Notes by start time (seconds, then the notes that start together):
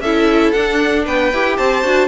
0.00 C#4 E4 A4 E5
0.52 D4 F#5
1.05 B3 B4 G5
1.33 E4 G4
1.57 C4 C5 A5
1.83 D4 F#4